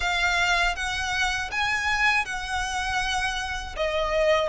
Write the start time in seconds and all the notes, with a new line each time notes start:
0.00 F5
0.75 F#5
1.51 G#5
2.25 F#5
3.76 D#5